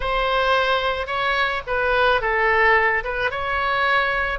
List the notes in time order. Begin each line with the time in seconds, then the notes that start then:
0.00 C5
1.06 C#5
1.67 B4
2.21 A4
3.04 B4
3.30 C#5